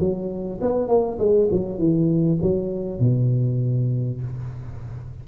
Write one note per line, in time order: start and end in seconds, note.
0.00 0.61 F#3
0.62 0.88 B3
0.88 1.18 A#3
1.19 1.49 G#3
1.52 1.79 F#3
1.79 2.39 E3
2.42 3.00 F#3
3.00 4.21 B2